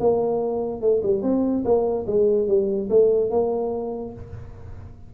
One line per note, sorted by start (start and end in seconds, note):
0.00 0.81 A#3
0.81 1.02 A3
1.03 1.22 G3
1.22 1.64 C4
1.65 2.06 A#3
2.07 2.47 G#3
2.47 2.89 G3
2.89 3.30 A3
3.30 4.13 A#3